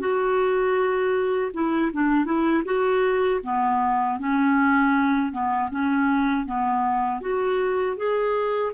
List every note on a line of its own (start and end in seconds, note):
0.00 1.52 F#4
1.54 1.92 E4
1.93 2.25 D4
2.25 2.63 E4
2.65 3.41 F#4
3.43 4.19 B3
4.19 5.32 C#4
5.32 5.70 B3
5.71 6.46 C#4
6.46 7.21 B3
7.21 7.97 F#4
7.97 8.73 G#4